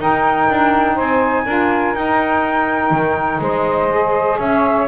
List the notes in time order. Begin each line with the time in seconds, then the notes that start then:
0.00 D#4 A#4 G5
0.50 D4
0.95 C4 C5 G#5
1.45 D4 F4 A#4
1.94 D#4 G5
2.91 D#3
3.41 G#3 C5 D#5
3.90 G#4
4.39 C#4 C#5 E5